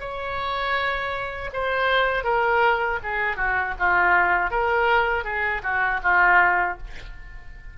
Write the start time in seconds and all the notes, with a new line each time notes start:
0.00 C#5
1.53 C5
2.24 A#4
3.03 G#4
3.36 F#4
3.79 F4
4.50 A#4
5.24 G#4
5.63 F#4
6.03 F4